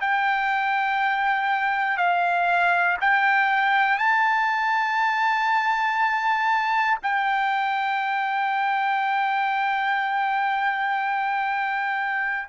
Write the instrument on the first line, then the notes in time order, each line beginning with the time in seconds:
trumpet
0.00 G5
1.97 F5
3.00 G5
3.98 A5
7.03 G5